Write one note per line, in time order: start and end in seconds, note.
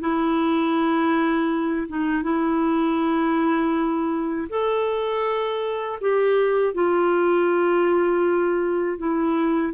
0.00 1.88 E4
1.88 2.23 D#4
2.23 4.48 E4
4.49 5.99 A4
6.01 6.74 G4
6.74 8.98 F4
8.98 9.73 E4